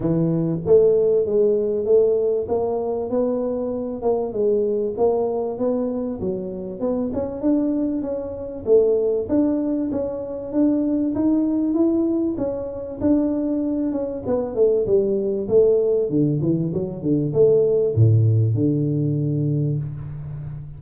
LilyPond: \new Staff \with { instrumentName = "tuba" } { \time 4/4 \tempo 4 = 97 e4 a4 gis4 a4 | ais4 b4. ais8 gis4 | ais4 b4 fis4 b8 cis'8 | d'4 cis'4 a4 d'4 |
cis'4 d'4 dis'4 e'4 | cis'4 d'4. cis'8 b8 a8 | g4 a4 d8 e8 fis8 d8 | a4 a,4 d2 | }